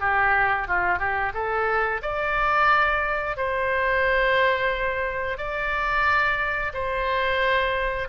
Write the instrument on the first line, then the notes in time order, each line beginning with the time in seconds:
oboe
0.00 G4
0.67 F4
0.99 G4
1.34 A4
2.02 D5
3.37 C5
5.37 D5
6.74 C5